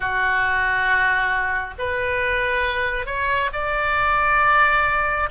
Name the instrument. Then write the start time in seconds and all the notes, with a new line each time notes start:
oboe
0.00 F#4
1.78 B4
3.06 C#5
3.53 D5